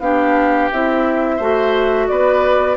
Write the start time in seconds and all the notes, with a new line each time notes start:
0.00 B3 D4 G4 F5
0.71 C4 E4 E5
1.36 A3 F#4 C5
2.08 B3 B4 D5